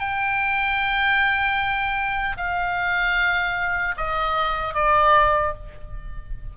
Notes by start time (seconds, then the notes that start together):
0.00 G5
2.37 F5
3.97 D#5
4.75 D5